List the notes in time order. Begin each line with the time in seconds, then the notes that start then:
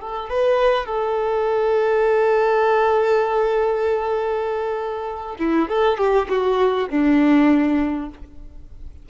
0.00 A4
0.29 B4
0.86 A4
5.39 E4
5.69 A4
5.98 G4
6.29 F#4
6.89 D4